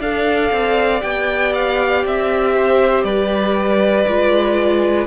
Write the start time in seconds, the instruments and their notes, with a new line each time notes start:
0.00 cello D4, viola A4, violin D5 F5
0.52 cello C4
1.01 cello B3, viola G4, violin G5
1.55 violin F5
2.05 cello C4, violin E5
2.56 violin C5
3.04 cello G3, violin B4 D5
4.08 cello G#3, viola F4